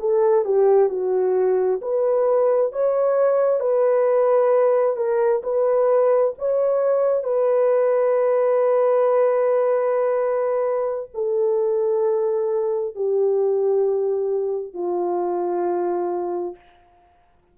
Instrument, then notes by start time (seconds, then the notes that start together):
horn
0.00 A4
0.45 G4
0.90 F#4
1.82 B4
2.73 C#5
3.60 B4
4.97 A#4
5.44 B4
6.39 C#5
7.24 B4
11.14 A4
12.96 G4
14.74 F4